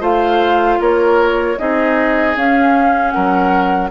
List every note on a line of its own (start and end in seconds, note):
0.00 0.78 A3
0.00 1.56 F4
0.00 0.78 C5
0.00 0.81 F5
0.79 1.57 A#3
0.79 1.58 A#4
0.79 1.58 C#5
1.58 2.35 C4
1.58 2.36 D#4
1.58 3.13 G#4
1.58 2.36 D#5
2.35 3.13 C#4
2.35 3.90 C#4
2.35 3.10 F5
3.10 3.90 F#3
3.10 3.90 A#4
3.10 3.88 F#5